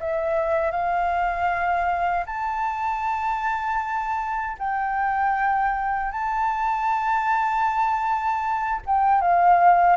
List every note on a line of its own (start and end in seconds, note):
0.00 0.71 E5
0.71 2.25 F5
2.26 4.57 A5
4.59 6.12 G5
6.12 8.81 A5
8.86 9.21 G5
9.21 9.96 F5